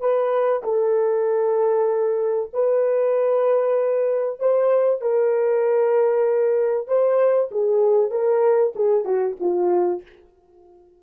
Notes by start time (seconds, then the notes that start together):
0.00 B4
0.63 A4
2.53 B4
4.39 C5
5.01 A#4
6.88 C5
7.51 G#4
8.11 A#4
8.76 G#4
9.05 F#4
9.40 F4